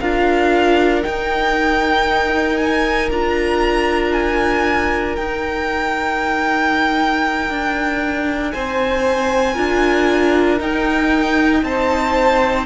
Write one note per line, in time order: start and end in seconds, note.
0.00 1.04 D4
0.00 1.03 F4
0.00 8.53 A#4
0.00 1.02 F5
1.02 3.10 D#4
1.02 2.57 G5
2.57 3.09 G#5
3.10 5.17 D4
3.10 5.16 F4
3.10 4.12 A#5
4.12 5.16 G#5
5.16 9.55 D#4
5.16 7.50 D#4
5.16 8.51 G5
7.50 8.53 D4
8.51 9.57 C4
8.51 9.54 C5
8.51 10.58 G#5
9.54 10.60 D4
9.54 10.58 F4
9.54 11.61 A#4
10.58 12.65 D#4
10.58 11.63 D#4
10.58 11.64 G5
11.63 12.66 C4
11.63 12.66 C5
11.63 12.66 A5